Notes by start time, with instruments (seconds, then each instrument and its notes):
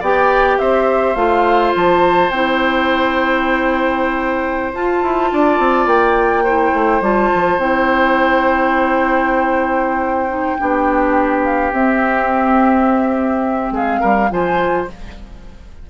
0.00 bassoon B3, clarinet G4, oboe D5, flute G5
0.59 bassoon C4, oboe C5, flute E5
1.15 bassoon A3, clarinet F4, flute F5
1.75 bassoon F3, flute A5
2.30 bassoon C4, clarinet E4, flute G5
4.73 clarinet F4, bassoon F4, flute A5
5.03 bassoon E4
5.32 bassoon D4, oboe D5
5.59 bassoon C4
5.86 bassoon A#3, flute G5
6.43 clarinet E4, oboe C5
6.73 bassoon A3
7.01 bassoon G3, clarinet F4, flute A5
7.34 bassoon F3
7.58 bassoon C4, clarinet E4, flute G5
10.28 clarinet D#4
10.58 bassoon B3, clarinet D4, oboe G4
11.44 flute F5
11.72 clarinet C4, bassoon C4, flute E5
13.71 bassoon G#3, oboe G#4, flute F5
14.00 bassoon G3, oboe A#4
14.30 bassoon F3, clarinet F4, oboe C5, flute G#5